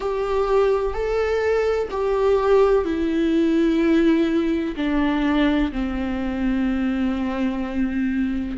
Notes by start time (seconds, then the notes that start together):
0.00 G4
0.93 A4
1.90 G4
2.84 E4
4.76 D4
5.71 C4